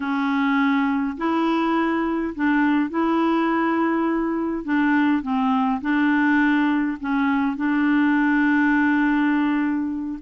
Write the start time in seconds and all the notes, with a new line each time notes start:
0.00 C#4
1.17 E4
2.35 D4
2.90 E4
4.64 D4
5.22 C4
5.81 D4
7.00 C#4
7.56 D4